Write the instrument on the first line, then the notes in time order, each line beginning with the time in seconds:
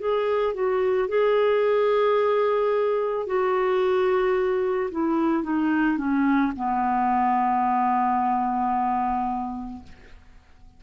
clarinet
0.00 G#4
0.55 F#4
1.09 G#4
3.27 F#4
4.92 E4
5.44 D#4
5.98 C#4
6.57 B3